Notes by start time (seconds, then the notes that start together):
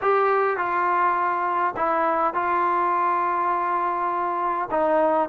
0.01 G4
0.57 F4
1.76 E4
2.34 F4
4.70 D#4